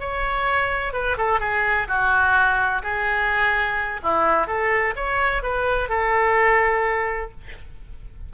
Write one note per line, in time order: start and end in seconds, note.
0.00 0.93 C#5
0.93 1.17 B4
1.18 1.40 A4
1.40 1.87 G#4
1.88 2.83 F#4
2.83 4.01 G#4
4.03 4.47 E4
4.47 4.94 A4
4.96 5.43 C#5
5.43 5.89 B4
5.89 7.31 A4